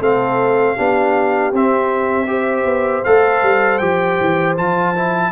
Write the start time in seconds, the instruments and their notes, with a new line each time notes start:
0.00 tuba A3, trombone C4, horn A4, trumpet F5
0.75 tuba B3, trombone D4, horn G4
1.52 tuba C4, trombone C4, trumpet E5
2.27 trombone G4, horn C5
2.65 tuba B3
3.04 tuba A3, trombone A4, trumpet F5
3.43 tuba G3
3.78 tuba F3, trombone G4, trumpet G5
4.20 tuba E3
4.57 tuba F3, trombone F4, trumpet A5
4.95 trombone E4